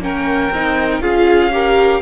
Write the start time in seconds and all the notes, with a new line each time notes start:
0.00 A#3 C#4 A#4 G5
0.51 C4 D#4
1.01 C#4 F4 G#4 F5
1.52 G4 A#4